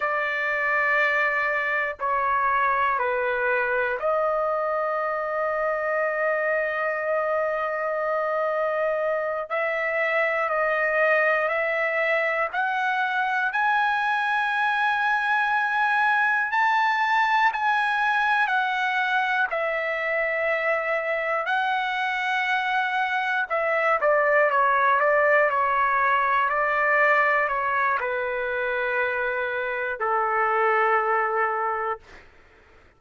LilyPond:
\new Staff \with { instrumentName = "trumpet" } { \time 4/4 \tempo 4 = 60 d''2 cis''4 b'4 | dis''1~ | dis''4. e''4 dis''4 e''8~ | e''8 fis''4 gis''2~ gis''8~ |
gis''8 a''4 gis''4 fis''4 e''8~ | e''4. fis''2 e''8 | d''8 cis''8 d''8 cis''4 d''4 cis''8 | b'2 a'2 | }